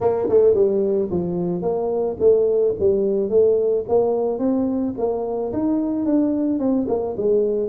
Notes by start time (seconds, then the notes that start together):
0.01 A#3
0.29 A3
0.54 G3
1.10 F3
1.61 A#3
2.19 A3
2.79 G3
3.29 A3
3.88 A#3
4.39 C4
4.97 A#3
5.52 D#4
6.05 D4
6.59 C4
6.88 A#3
7.17 G#3